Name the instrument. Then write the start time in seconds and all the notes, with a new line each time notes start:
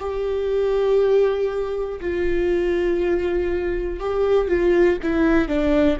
viola
0.00 G4
2.01 F4
4.00 G4
4.48 F4
5.03 E4
5.48 D4